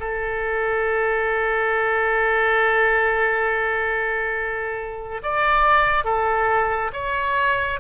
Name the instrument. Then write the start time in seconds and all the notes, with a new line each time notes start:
oboe
0.00 A4
5.23 D5
6.04 A4
6.93 C#5